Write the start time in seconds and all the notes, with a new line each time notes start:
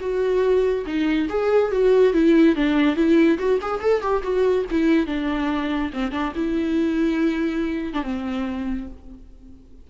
0.00 F#4
0.86 D#4
1.29 G#4
1.72 F#4
2.13 E4
2.56 D4
2.96 E4
3.38 F#4
3.61 G#4
3.81 A4
4.01 G4
4.23 F#4
4.71 E4
5.06 D4
5.93 C4
6.12 D4
6.35 E4
7.93 D4
8.02 C4